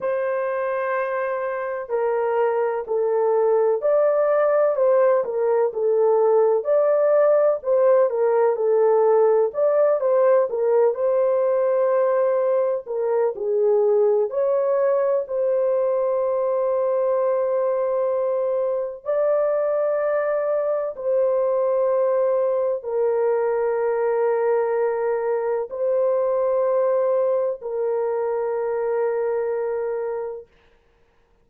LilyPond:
\new Staff \with { instrumentName = "horn" } { \time 4/4 \tempo 4 = 63 c''2 ais'4 a'4 | d''4 c''8 ais'8 a'4 d''4 | c''8 ais'8 a'4 d''8 c''8 ais'8 c''8~ | c''4. ais'8 gis'4 cis''4 |
c''1 | d''2 c''2 | ais'2. c''4~ | c''4 ais'2. | }